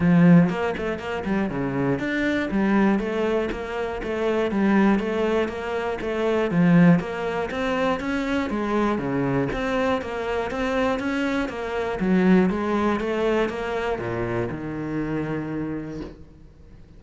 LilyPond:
\new Staff \with { instrumentName = "cello" } { \time 4/4 \tempo 4 = 120 f4 ais8 a8 ais8 g8 cis4 | d'4 g4 a4 ais4 | a4 g4 a4 ais4 | a4 f4 ais4 c'4 |
cis'4 gis4 cis4 c'4 | ais4 c'4 cis'4 ais4 | fis4 gis4 a4 ais4 | ais,4 dis2. | }